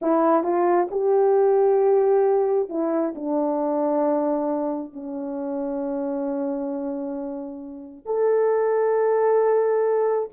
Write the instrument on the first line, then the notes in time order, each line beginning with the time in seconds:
horn
0.01 E4
0.43 F4
0.90 G4
2.69 E4
3.15 D4
4.93 C#4
8.05 A4